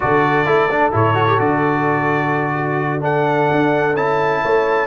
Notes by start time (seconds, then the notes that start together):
0.00 D3 F#4 A4 D5
0.45 A3 E4
0.70 D4
0.91 A2 E4 C#5
1.14 F#4
1.26 G4
1.37 D3 F#4 D5
2.55 F#4
3.00 D4 A4 F#5
3.51 D4
3.95 C#4 E4 A5
4.42 A3 C#5